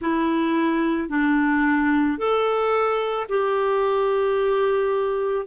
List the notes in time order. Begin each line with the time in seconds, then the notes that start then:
0.00 E4
1.09 D4
2.18 A4
3.28 G4